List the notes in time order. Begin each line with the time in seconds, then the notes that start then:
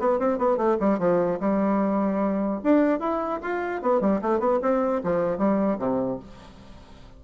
0.00 B3
0.20 C4
0.39 B3
0.57 A3
0.80 G3
0.99 F3
1.40 G3
2.64 D4
3.00 E4
3.42 F4
3.82 B3
4.01 G3
4.22 A3
4.40 B3
4.62 C4
5.04 F3
5.38 G3
5.79 C3